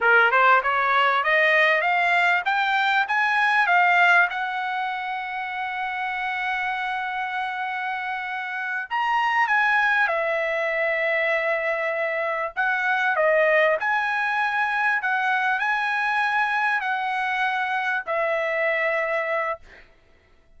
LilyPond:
\new Staff \with { instrumentName = "trumpet" } { \time 4/4 \tempo 4 = 98 ais'8 c''8 cis''4 dis''4 f''4 | g''4 gis''4 f''4 fis''4~ | fis''1~ | fis''2~ fis''8 ais''4 gis''8~ |
gis''8 e''2.~ e''8~ | e''8 fis''4 dis''4 gis''4.~ | gis''8 fis''4 gis''2 fis''8~ | fis''4. e''2~ e''8 | }